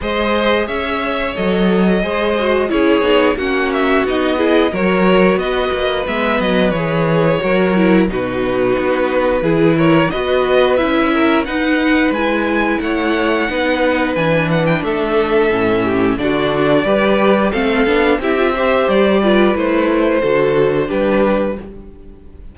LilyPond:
<<
  \new Staff \with { instrumentName = "violin" } { \time 4/4 \tempo 4 = 89 dis''4 e''4 dis''2 | cis''4 fis''8 e''8 dis''4 cis''4 | dis''4 e''8 dis''8 cis''2 | b'2~ b'8 cis''8 dis''4 |
e''4 fis''4 gis''4 fis''4~ | fis''4 gis''8 fis''16 g''16 e''2 | d''2 f''4 e''4 | d''4 c''2 b'4 | }
  \new Staff \with { instrumentName = "violin" } { \time 4/4 c''4 cis''2 c''4 | gis'4 fis'4. gis'8 ais'4 | b'2. ais'4 | fis'2 gis'8 ais'8 b'4~ |
b'8 ais'8 b'2 cis''4 | b'2 a'4. g'8 | fis'4 b'4 a'4 g'8 c''8~ | c''8 b'4. a'4 g'4 | }
  \new Staff \with { instrumentName = "viola" } { \time 4/4 gis'2 a'4 gis'8 fis'8 | e'8 dis'8 cis'4 dis'8 e'8 fis'4~ | fis'4 b4 gis'4 fis'8 e'8 | dis'2 e'4 fis'4 |
e'4 dis'4 e'2 | dis'4 d'2 cis'4 | d'4 g'4 c'8 d'8 e'16 f'16 g'8~ | g'8 f'8 e'4 fis'4 d'4 | }
  \new Staff \with { instrumentName = "cello" } { \time 4/4 gis4 cis'4 fis4 gis4 | cis'8 b8 ais4 b4 fis4 | b8 ais8 gis8 fis8 e4 fis4 | b,4 b4 e4 b4 |
cis'4 dis'4 gis4 a4 | b4 e4 a4 a,4 | d4 g4 a8 b8 c'4 | g4 a4 d4 g4 | }
>>